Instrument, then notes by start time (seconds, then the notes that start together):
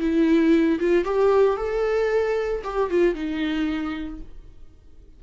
viola
0.00 E4
0.80 F4
1.05 G4
1.57 A4
2.64 G4
2.90 F4
3.15 D#4